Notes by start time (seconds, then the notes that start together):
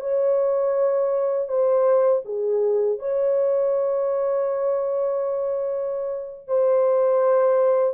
0.00 C#5
1.48 C5
2.25 G#4
2.99 C#5
6.47 C5